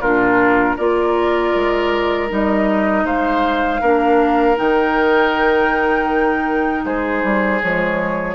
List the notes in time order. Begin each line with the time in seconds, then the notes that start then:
0.00 A#2 D4 F4 A#4
0.76 A#3 F4 A#4 D5
1.55 G#3
2.28 G3 D#4 D#5
3.04 G#3 C5 F5
3.81 A#3 D4 A#4
4.56 D#3 D#4 G5
6.84 G#3 G#4 C5
7.23 G3
7.62 F3 G#3 C#5